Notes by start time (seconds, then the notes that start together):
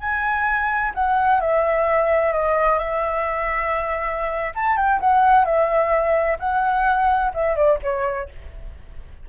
0.00 G#5
0.95 F#5
1.41 E5
2.33 D#5
2.79 E5
4.56 A5
4.77 G5
5.01 F#5
5.45 E5
6.40 F#5
7.34 E5
7.56 D5
7.83 C#5